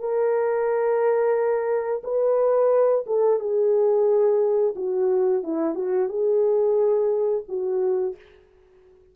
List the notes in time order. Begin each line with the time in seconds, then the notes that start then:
0.00 A#4
2.04 B4
3.06 A4
3.40 G#4
4.76 F#4
5.44 E4
5.75 F#4
6.09 G#4
7.49 F#4